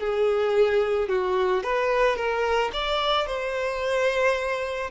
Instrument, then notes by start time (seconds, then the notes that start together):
violin
0.00 G#4
1.09 F#4
1.63 B4
2.16 A#4
2.73 D5
3.27 C5